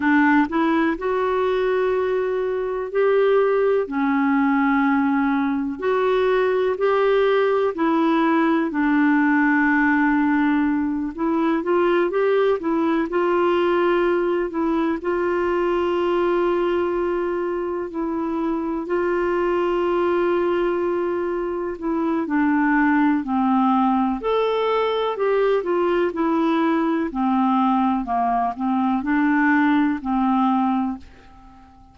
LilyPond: \new Staff \with { instrumentName = "clarinet" } { \time 4/4 \tempo 4 = 62 d'8 e'8 fis'2 g'4 | cis'2 fis'4 g'4 | e'4 d'2~ d'8 e'8 | f'8 g'8 e'8 f'4. e'8 f'8~ |
f'2~ f'8 e'4 f'8~ | f'2~ f'8 e'8 d'4 | c'4 a'4 g'8 f'8 e'4 | c'4 ais8 c'8 d'4 c'4 | }